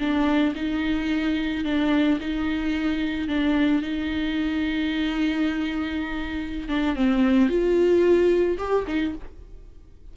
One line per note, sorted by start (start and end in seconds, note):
0.00 0.55 D4
0.56 1.65 D#4
1.65 2.19 D4
2.20 3.28 D#4
3.28 3.82 D4
3.82 6.69 D#4
6.69 6.96 D4
6.96 7.49 C4
7.49 8.58 F4
8.58 8.86 G4
8.87 9.15 D#4